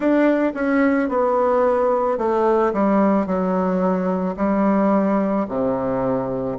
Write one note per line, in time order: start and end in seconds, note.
0.00 0.52 D4
0.54 1.09 C#4
1.09 2.18 B3
2.18 2.72 A3
2.73 3.26 G3
3.26 4.35 F#3
4.36 5.45 G3
5.48 6.57 C3